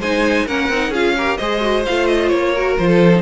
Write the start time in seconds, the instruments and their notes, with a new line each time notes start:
0.00 cello G#3, viola D#4, violin C5 G#5
0.46 cello A#3, viola C#4, violin A#4 F#5
0.69 cello C4, viola D#4
0.89 cello C#4, viola F4, violin G#4 F5
1.16 viola G4, violin A#4
1.37 cello G#3, viola G#4, violin C5 D#5
1.61 viola F#4
1.86 cello A3, viola F4, violin F5
2.07 violin D#5
2.28 cello A#3, violin C#5
2.53 viola F#4, violin A#4
2.78 cello F3, viola F4, violin C5
2.88 violin A4
3.15 viola D#4